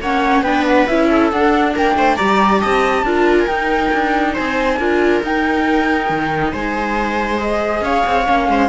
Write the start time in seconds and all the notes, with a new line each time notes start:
0.00 A#3 C#4 C#5 F#5
0.41 B3 D4 B4 G5
0.66 F#5
0.87 C#4 E4 E5
1.09 A4
1.30 D4 F#5
1.75 A#3 A#4 G5
1.95 A3 C5
2.16 G3 G4 D5 A#5
2.60 C4 D#5 A5
3.02 D4 F4 A#4
3.38 G#5
3.47 D#4 G5
3.93 D4
4.33 C4 C5 G#5
4.78 D4 F4 A#4
5.23 D#4 G5
6.09 D#3
6.52 G#3 C5 G#5
7.37 G#4 D#5
7.81 C#4 C#5 F5
8.06 C4
8.26 A#3 C#4
8.48 G#3 C5